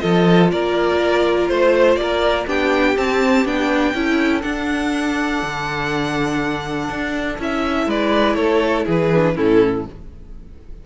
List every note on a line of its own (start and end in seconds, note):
0.00 0.52 F3
0.00 2.46 F4
0.00 0.52 A4
0.00 0.49 D#5
0.52 1.50 A#3
0.52 1.51 A#4
0.52 1.48 D5
1.48 1.96 A3
1.48 1.96 C5
1.48 2.00 C5
1.96 2.46 A#3
1.96 2.47 A#4
1.96 2.45 D5
2.47 2.97 B3
2.47 2.96 D4
2.47 3.94 G4
2.47 2.98 G5
2.97 3.46 C4
2.97 3.45 C4
2.97 3.47 A5
3.45 3.94 B3
3.45 3.95 D4
3.45 4.42 G5
3.94 4.43 C#4
3.94 4.43 E4
3.94 7.87 A4
4.42 7.38 D4
4.42 5.43 D4
4.42 7.37 F#5
5.43 6.89 D3
6.89 7.39 D4
7.39 7.87 C#4
7.39 9.12 E4
7.39 7.90 E5
7.87 8.36 G#3
7.87 8.37 B4
7.87 8.35 D5
8.35 8.85 A3
8.35 8.86 A4
8.35 8.85 C#5
8.86 9.37 E3
8.86 9.35 G#4
8.86 9.37 B4
9.15 9.36 D4
9.36 9.87 A2
9.36 9.85 C#4
9.36 9.85 E4
9.36 9.86 A4